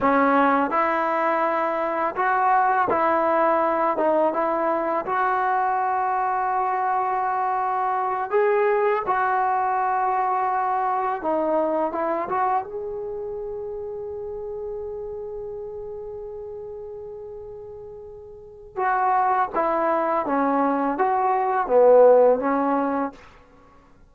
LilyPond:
\new Staff \with { instrumentName = "trombone" } { \time 4/4 \tempo 4 = 83 cis'4 e'2 fis'4 | e'4. dis'8 e'4 fis'4~ | fis'2.~ fis'8 gis'8~ | gis'8 fis'2. dis'8~ |
dis'8 e'8 fis'8 gis'2~ gis'8~ | gis'1~ | gis'2 fis'4 e'4 | cis'4 fis'4 b4 cis'4 | }